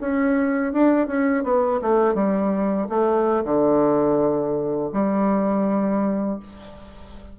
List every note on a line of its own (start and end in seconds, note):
0.00 0.73 C#4
0.73 1.07 D4
1.07 1.43 C#4
1.43 1.80 B3
1.82 2.14 A3
2.14 2.87 G3
2.89 3.44 A3
3.44 4.91 D3
4.93 6.39 G3